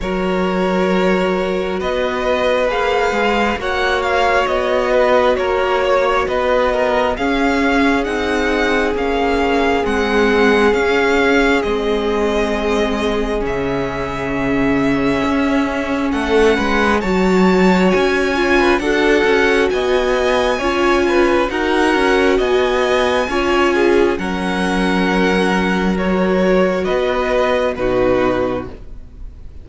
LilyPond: <<
  \new Staff \with { instrumentName = "violin" } { \time 4/4 \tempo 4 = 67 cis''2 dis''4 f''4 | fis''8 f''8 dis''4 cis''4 dis''4 | f''4 fis''4 f''4 fis''4 | f''4 dis''2 e''4~ |
e''2 fis''4 a''4 | gis''4 fis''4 gis''2 | fis''4 gis''2 fis''4~ | fis''4 cis''4 dis''4 b'4 | }
  \new Staff \with { instrumentName = "violin" } { \time 4/4 ais'2 b'2 | cis''4. b'8 ais'8 cis''8 b'8 ais'8 | gis'1~ | gis'1~ |
gis'2 a'8 b'8 cis''4~ | cis''8. b'16 a'4 dis''4 cis''8 b'8 | ais'4 dis''4 cis''8 gis'8 ais'4~ | ais'2 b'4 fis'4 | }
  \new Staff \with { instrumentName = "viola" } { \time 4/4 fis'2. gis'4 | fis'1 | cis'4 dis'4 cis'4 c'4 | cis'4 c'2 cis'4~ |
cis'2. fis'4~ | fis'8 f'8 fis'2 f'4 | fis'2 f'4 cis'4~ | cis'4 fis'2 dis'4 | }
  \new Staff \with { instrumentName = "cello" } { \time 4/4 fis2 b4 ais8 gis8 | ais4 b4 ais4 b4 | cis'4 c'4 ais4 gis4 | cis'4 gis2 cis4~ |
cis4 cis'4 a8 gis8 fis4 | cis'4 d'8 cis'8 b4 cis'4 | dis'8 cis'8 b4 cis'4 fis4~ | fis2 b4 b,4 | }
>>